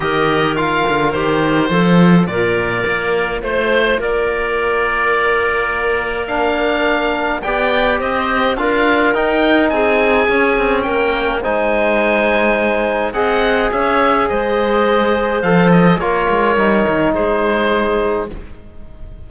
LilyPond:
<<
  \new Staff \with { instrumentName = "oboe" } { \time 4/4 \tempo 4 = 105 dis''4 f''4 c''2 | d''2 c''4 d''4~ | d''2. f''4~ | f''4 g''4 dis''4 f''4 |
g''4 gis''2 g''4 | gis''2. fis''4 | e''4 dis''2 f''8 dis''8 | cis''2 c''2 | }
  \new Staff \with { instrumentName = "clarinet" } { \time 4/4 ais'2. a'4 | ais'2 c''4 ais'4~ | ais'1~ | ais'4 d''4 c''4 ais'4~ |
ais'4 gis'2 ais'4 | c''2. dis''4 | cis''4 c''2. | ais'2 gis'2 | }
  \new Staff \with { instrumentName = "trombone" } { \time 4/4 g'4 f'4 g'4 f'4~ | f'1~ | f'2. d'4~ | d'4 g'2 f'4 |
dis'2 cis'2 | dis'2. gis'4~ | gis'2. a'4 | f'4 dis'2. | }
  \new Staff \with { instrumentName = "cello" } { \time 4/4 dis4. d8 dis4 f4 | ais,4 ais4 a4 ais4~ | ais1~ | ais4 b4 c'4 d'4 |
dis'4 c'4 cis'8 c'8 ais4 | gis2. c'4 | cis'4 gis2 f4 | ais8 gis8 g8 dis8 gis2 | }
>>